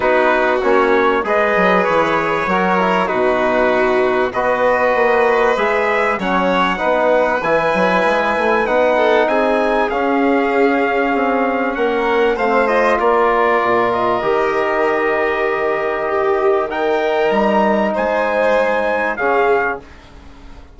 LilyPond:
<<
  \new Staff \with { instrumentName = "trumpet" } { \time 4/4 \tempo 4 = 97 b'4 cis''4 dis''4 cis''4~ | cis''4 b'2 dis''4~ | dis''4 e''4 fis''2 | gis''2 fis''4 gis''4 |
f''2. fis''4 | f''8 dis''8 d''4. dis''4.~ | dis''2. g''4 | ais''4 gis''2 f''4 | }
  \new Staff \with { instrumentName = "violin" } { \time 4/4 fis'2 b'2 | ais'4 fis'2 b'4~ | b'2 cis''4 b'4~ | b'2~ b'8 a'8 gis'4~ |
gis'2. ais'4 | c''4 ais'2.~ | ais'2 g'4 ais'4~ | ais'4 c''2 gis'4 | }
  \new Staff \with { instrumentName = "trombone" } { \time 4/4 dis'4 cis'4 gis'2 | fis'8 e'8 dis'2 fis'4~ | fis'4 gis'4 cis'4 dis'4 | e'2 dis'2 |
cis'1 | c'8 f'2~ f'8 g'4~ | g'2. dis'4~ | dis'2. cis'4 | }
  \new Staff \with { instrumentName = "bassoon" } { \time 4/4 b4 ais4 gis8 fis8 e4 | fis4 b,2 b4 | ais4 gis4 fis4 b4 | e8 fis8 gis8 a8 b4 c'4 |
cis'2 c'4 ais4 | a4 ais4 ais,4 dis4~ | dis1 | g4 gis2 cis4 | }
>>